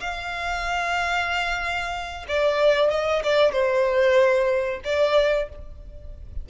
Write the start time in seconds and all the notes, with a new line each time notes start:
0.00 F5
2.28 D5
2.90 D#5
3.23 D5
3.52 C5
4.84 D5